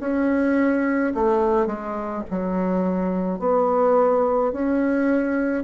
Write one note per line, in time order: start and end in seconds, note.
0.00 1.13 C#4
1.14 1.66 A3
1.66 2.23 G#3
2.31 3.39 F#3
3.39 4.52 B3
4.52 5.63 C#4